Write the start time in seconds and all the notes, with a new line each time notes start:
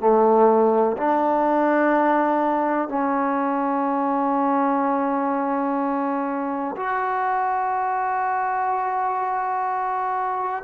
0.00 A3
0.97 D4
2.89 C#4
6.77 F#4